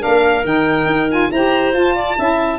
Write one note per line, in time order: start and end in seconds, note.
0.00 0.45 A#3
0.00 0.43 D4
0.00 1.30 A#4
0.00 0.46 F5
0.45 0.86 D#3
0.45 1.09 D#4
0.45 1.11 G5
0.86 1.29 D#4
1.10 1.31 F4
1.10 1.32 G#5
1.31 1.73 E4
1.31 1.73 G4
1.31 1.95 C5
1.31 1.75 A#5
1.73 2.16 F4
1.73 2.59 A5
1.95 2.17 D5
2.18 2.59 C#4
2.18 2.59 E4
2.18 2.59 E5